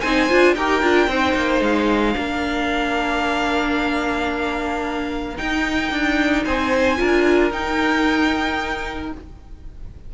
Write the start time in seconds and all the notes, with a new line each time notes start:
0.00 C4 D#4 C5 G#5
0.28 D4 F4
0.55 D#4 G4 A#4 G5
0.82 D4 F4
1.07 C4 D#4 C5
1.35 A#3
1.60 G#3 F5
2.14 A#3 D4 A#4
5.37 D#4 G5
5.91 D4
6.44 C4 C5 G#5
6.97 D4 F4 A#4
7.50 D#4 G5